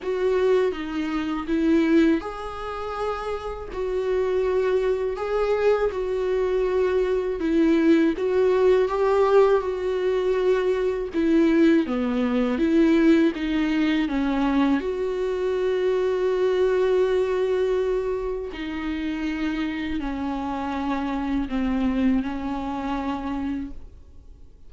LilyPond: \new Staff \with { instrumentName = "viola" } { \time 4/4 \tempo 4 = 81 fis'4 dis'4 e'4 gis'4~ | gis'4 fis'2 gis'4 | fis'2 e'4 fis'4 | g'4 fis'2 e'4 |
b4 e'4 dis'4 cis'4 | fis'1~ | fis'4 dis'2 cis'4~ | cis'4 c'4 cis'2 | }